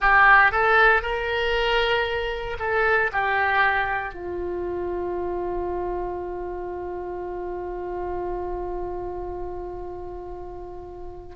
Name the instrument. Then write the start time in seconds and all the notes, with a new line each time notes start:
oboe
0.00 G4
0.51 A4
1.02 A#4
2.59 A4
3.12 G4
4.14 F4